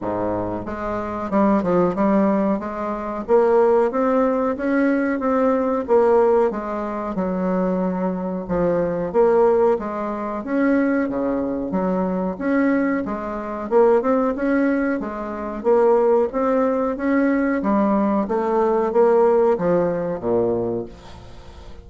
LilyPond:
\new Staff \with { instrumentName = "bassoon" } { \time 4/4 \tempo 4 = 92 gis,4 gis4 g8 f8 g4 | gis4 ais4 c'4 cis'4 | c'4 ais4 gis4 fis4~ | fis4 f4 ais4 gis4 |
cis'4 cis4 fis4 cis'4 | gis4 ais8 c'8 cis'4 gis4 | ais4 c'4 cis'4 g4 | a4 ais4 f4 ais,4 | }